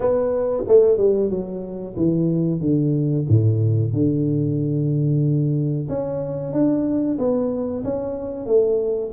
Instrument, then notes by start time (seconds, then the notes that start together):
tuba
0.00 B3
0.67 A3
0.97 G3
1.30 F#3
1.96 E3
2.60 D3
3.28 A2
3.92 D3
5.88 C#4
6.52 D4
7.18 B3
7.84 C#4
8.46 A3